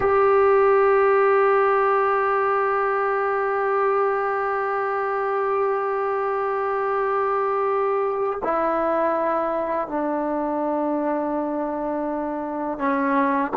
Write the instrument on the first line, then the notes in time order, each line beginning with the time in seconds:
trombone
0.00 G4
8.43 E4
9.88 D4
12.78 C#4